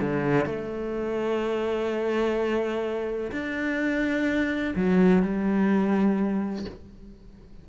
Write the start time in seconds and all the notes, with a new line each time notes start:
0.00 D3
0.45 A3
3.31 D4
4.75 F#3
5.22 G3